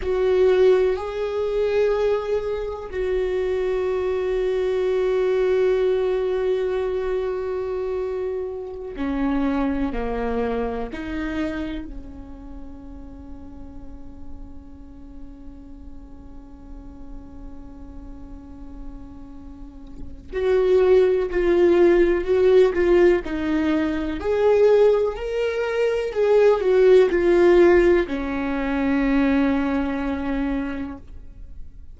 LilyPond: \new Staff \with { instrumentName = "viola" } { \time 4/4 \tempo 4 = 62 fis'4 gis'2 fis'4~ | fis'1~ | fis'4~ fis'16 cis'4 ais4 dis'8.~ | dis'16 cis'2.~ cis'8.~ |
cis'1~ | cis'4 fis'4 f'4 fis'8 f'8 | dis'4 gis'4 ais'4 gis'8 fis'8 | f'4 cis'2. | }